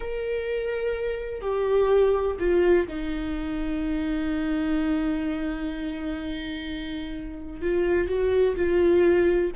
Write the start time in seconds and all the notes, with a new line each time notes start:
0.00 A#4
1.41 G4
2.39 F4
2.87 D#4
7.61 F4
8.08 F#4
8.56 F4